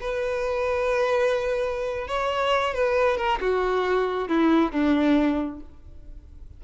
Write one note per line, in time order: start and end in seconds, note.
0.00 2.07 B4
2.07 2.74 C#5
2.74 3.17 B4
3.17 3.39 A#4
3.40 4.28 F#4
4.28 4.71 E4
4.71 5.60 D4